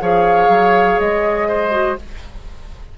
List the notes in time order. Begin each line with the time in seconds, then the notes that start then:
0.00 F3 G#4 C#5 F5
0.49 F#3
1.00 G#3 D#5
1.48 C5
1.71 F#4